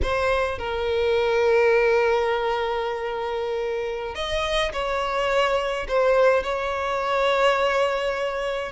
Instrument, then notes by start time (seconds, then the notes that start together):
violin
0.02 C5
0.58 A#4
4.15 D#5
4.72 C#5
5.88 C5
6.43 C#5